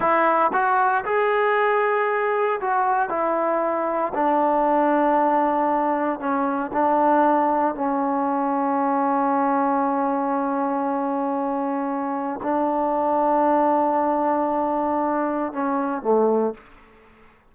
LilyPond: \new Staff \with { instrumentName = "trombone" } { \time 4/4 \tempo 4 = 116 e'4 fis'4 gis'2~ | gis'4 fis'4 e'2 | d'1 | cis'4 d'2 cis'4~ |
cis'1~ | cis'1 | d'1~ | d'2 cis'4 a4 | }